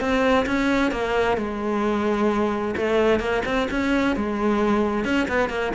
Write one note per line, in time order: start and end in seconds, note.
0.00 0.46 C4
0.46 0.91 C#4
0.91 1.37 A#3
1.37 2.75 G#3
2.77 3.20 A3
3.20 3.42 A#3
3.45 3.68 C4
3.71 4.16 C#4
4.16 5.04 G#3
5.04 5.27 C#4
5.28 5.49 B3
5.49 5.72 A#3